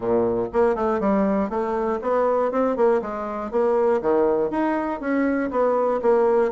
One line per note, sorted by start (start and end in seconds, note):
0.00 0.47 A#2
0.53 0.75 A#3
0.75 1.00 A3
1.00 1.49 G3
1.49 1.99 A3
2.01 2.51 B3
2.51 2.76 C4
2.76 3.01 A#3
3.01 3.51 G#3
3.51 4.01 A#3
4.01 4.50 D#3
4.50 5.00 D#4
5.00 5.50 C#4
5.50 6.00 B3
6.01 6.51 A#3